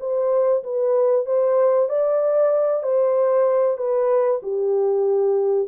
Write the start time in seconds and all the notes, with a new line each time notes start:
0.00 C5
0.63 B4
1.26 C5
1.89 D5
2.83 C5
3.77 B4
4.43 G4